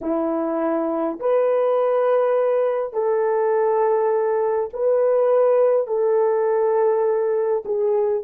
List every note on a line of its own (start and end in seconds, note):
0.01 1.19 E4
1.19 2.93 B4
2.93 4.69 A4
4.73 5.87 B4
5.87 7.63 A4
7.65 8.24 G#4